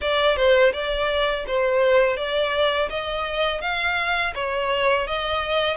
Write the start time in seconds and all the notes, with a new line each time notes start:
0.01 D5
0.36 C5
0.72 D5
1.47 C5
2.17 D5
2.89 D#5
3.61 F5
4.34 C#5
5.07 D#5